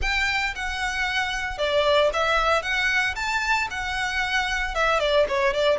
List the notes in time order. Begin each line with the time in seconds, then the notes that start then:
0.01 G5
0.55 F#5
1.57 D5
2.13 E5
2.62 F#5
3.15 A5
3.70 F#5
4.74 E5
4.99 D5
5.28 C#5
5.53 D5